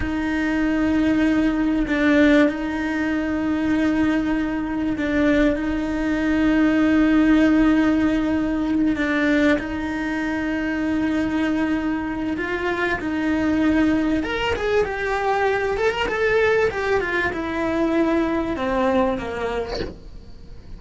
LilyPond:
\new Staff \with { instrumentName = "cello" } { \time 4/4 \tempo 4 = 97 dis'2. d'4 | dis'1 | d'4 dis'2.~ | dis'2~ dis'8 d'4 dis'8~ |
dis'1 | f'4 dis'2 ais'8 gis'8 | g'4. a'16 ais'16 a'4 g'8 f'8 | e'2 c'4 ais4 | }